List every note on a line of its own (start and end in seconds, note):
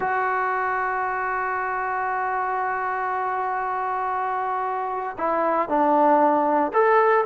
0.00 5.17 F#4
5.18 5.68 E4
5.68 6.72 D4
6.73 7.24 A4